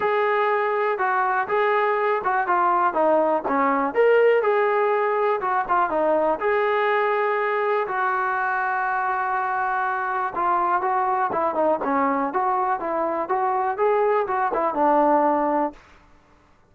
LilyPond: \new Staff \with { instrumentName = "trombone" } { \time 4/4 \tempo 4 = 122 gis'2 fis'4 gis'4~ | gis'8 fis'8 f'4 dis'4 cis'4 | ais'4 gis'2 fis'8 f'8 | dis'4 gis'2. |
fis'1~ | fis'4 f'4 fis'4 e'8 dis'8 | cis'4 fis'4 e'4 fis'4 | gis'4 fis'8 e'8 d'2 | }